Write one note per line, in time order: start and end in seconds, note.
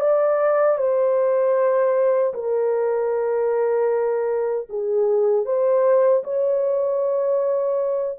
0.00 0.78 D5
0.78 2.34 C5
2.34 4.68 A#4
4.70 5.46 G#4
5.46 6.24 C5
6.24 8.19 C#5